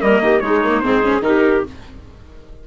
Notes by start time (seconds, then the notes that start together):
0.00 G3 A#3 A#4 D#5
0.21 D#3 G4
0.40 G#3 D#4 C#5
0.64 A#3
0.80 G#2 C4 G#4 C5
1.03 C#4
1.20 D#3 D#4 G4 A#4